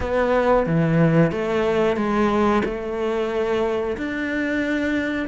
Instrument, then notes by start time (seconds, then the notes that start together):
cello
0.00 B3
0.66 E3
1.31 A3
1.96 G#3
2.65 A3
3.97 D4